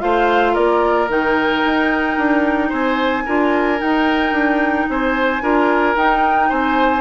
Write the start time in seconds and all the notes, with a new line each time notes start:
0.00 A3 F4 C5 F5
0.53 A#3 A#4 D5
1.09 D#3 D#4 G5
1.66 D#4
2.18 D4
2.69 C4 C5 G#5
3.26 D4 F4 A#4
3.78 D#4 G5
4.32 D4
4.89 C4 C5 G#5
5.42 D4 F4 A#4
5.96 D#4 G5
6.49 C4 C5 G#5